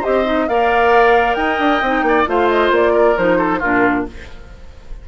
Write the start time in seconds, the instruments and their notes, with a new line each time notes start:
0.00 clarinet G4, oboe C5, flute D#5
0.06 bassoon C4
0.25 clarinet D#4
0.48 bassoon A#3, clarinet A#4, oboe D5, flute F5
1.35 bassoon D#4, oboe D#5, flute G5
1.59 bassoon D4
1.81 bassoon C4, clarinet D#4
2.02 bassoon A#3, oboe D5
2.26 bassoon A3, clarinet F4, oboe C5, flute F5
2.49 flute D#5
2.71 bassoon A#3, flute D5
2.93 oboe A#4
3.17 bassoon F3, clarinet D#4, flute C5
3.38 oboe A4
3.59 bassoon A#2, clarinet D4, oboe F4, flute A#4